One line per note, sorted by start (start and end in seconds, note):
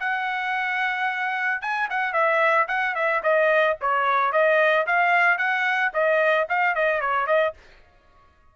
0.00 1.62 F#5
1.62 1.89 G#5
1.90 2.13 F#5
2.13 2.67 E5
2.68 2.95 F#5
2.96 3.23 E5
3.23 3.77 D#5
3.81 4.33 C#5
4.33 4.87 D#5
4.87 5.38 F5
5.38 5.92 F#5
5.94 6.48 D#5
6.50 6.75 F5
6.75 7.01 D#5
7.01 7.27 C#5
7.27 7.54 D#5